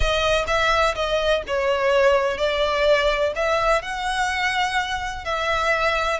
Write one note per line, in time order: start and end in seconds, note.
0.00 0.45 D#5
0.47 0.94 E5
0.95 1.42 D#5
1.47 2.37 C#5
2.37 3.32 D5
3.35 3.82 E5
3.82 5.24 F#5
5.24 6.19 E5